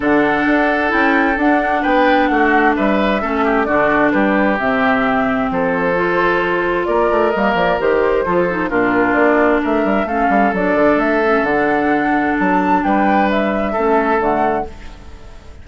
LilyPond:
<<
  \new Staff \with { instrumentName = "flute" } { \time 4/4 \tempo 4 = 131 fis''2 g''4 fis''4 | g''4 fis''4 e''2 | d''4 b'4 e''2 | c''2. d''4 |
dis''8 d''8 c''2 ais'4 | d''4 e''4 f''4 d''4 | e''4 fis''2 a''4 | g''4 e''2 fis''4 | }
  \new Staff \with { instrumentName = "oboe" } { \time 4/4 a'1 | b'4 fis'4 b'4 a'8 g'8 | fis'4 g'2. | a'2. ais'4~ |
ais'2 a'4 f'4~ | f'4 ais'4 a'2~ | a'1 | b'2 a'2 | }
  \new Staff \with { instrumentName = "clarinet" } { \time 4/4 d'2 e'4 d'4~ | d'2. cis'4 | d'2 c'2~ | c'4 f'2. |
ais4 g'4 f'8 dis'8 d'4~ | d'2 cis'4 d'4~ | d'8 cis'8 d'2.~ | d'2 cis'4 a4 | }
  \new Staff \with { instrumentName = "bassoon" } { \time 4/4 d4 d'4 cis'4 d'4 | b4 a4 g4 a4 | d4 g4 c2 | f2. ais8 a8 |
g8 f8 dis4 f4 ais,4 | ais4 a8 g8 a8 g8 fis8 d8 | a4 d2 fis4 | g2 a4 d4 | }
>>